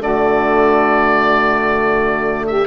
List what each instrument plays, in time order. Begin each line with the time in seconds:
0.00 bassoon D3, trombone A3, saxophone F#4, oboe D5
2.46 saxophone G4, oboe E5